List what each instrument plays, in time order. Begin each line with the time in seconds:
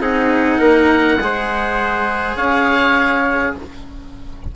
0.00 bassoon C4, cello D#4, trumpet G#4, oboe F#5
0.58 bassoon A#3, trumpet A#4
1.19 bassoon G#3, cello G#4, trumpet C5
2.36 bassoon C#4, trumpet C#5, oboe F5